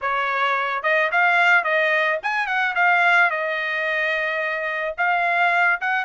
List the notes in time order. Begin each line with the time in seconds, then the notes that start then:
0.01 C#5
0.83 D#5
1.11 F5
1.64 D#5
2.22 G#5
2.46 F#5
2.75 F5
3.30 D#5
4.97 F5
5.80 F#5